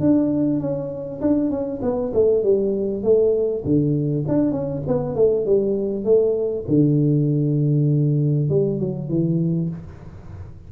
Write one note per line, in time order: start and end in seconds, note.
0.00 0.60 D4
0.60 1.21 C#4
1.21 1.50 D4
1.50 1.81 C#4
1.82 2.12 B3
2.14 2.44 A3
2.44 3.03 G3
3.03 3.64 A3
3.64 4.25 D3
4.28 4.52 D4
4.52 4.82 C#4
4.87 5.15 B3
5.15 5.46 A3
5.46 6.05 G3
6.05 6.65 A3
6.68 8.50 D3
8.50 8.80 G3
8.80 9.09 F#3
9.09 9.70 E3